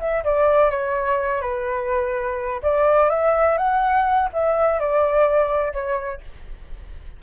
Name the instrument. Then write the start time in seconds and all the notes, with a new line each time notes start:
flute
0.00 E5
0.25 D5
0.71 C#5
1.42 B4
2.63 D5
3.10 E5
3.58 F#5
4.33 E5
4.80 D5
5.74 C#5